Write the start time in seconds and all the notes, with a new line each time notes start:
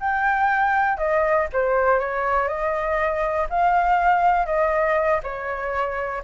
0.00 G5
0.98 D#5
1.53 C5
1.99 C#5
2.48 D#5
3.50 F5
4.46 D#5
5.23 C#5